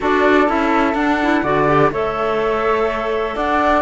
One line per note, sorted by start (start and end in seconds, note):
0.00 0.48 D4
0.00 0.47 F#4
0.00 1.43 A4
0.00 0.49 D5
0.47 0.94 C#4
0.47 0.95 E4
0.47 0.94 E5
0.94 1.42 D4
0.94 1.20 D4
0.94 1.90 F#5
1.22 1.44 E4
1.43 1.91 D3
1.43 1.68 F#4
1.43 1.91 D5
1.68 1.92 G4
1.91 3.35 A3
1.91 3.81 A4
1.91 3.35 C#5
1.91 3.36 E5
3.35 3.81 D4
3.35 3.81 D5
3.35 3.81 F#5